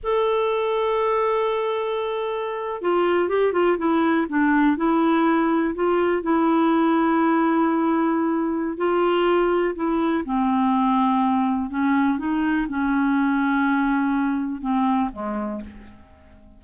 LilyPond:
\new Staff \with { instrumentName = "clarinet" } { \time 4/4 \tempo 4 = 123 a'1~ | a'4.~ a'16 f'4 g'8 f'8 e'16~ | e'8. d'4 e'2 f'16~ | f'8. e'2.~ e'16~ |
e'2 f'2 | e'4 c'2. | cis'4 dis'4 cis'2~ | cis'2 c'4 gis4 | }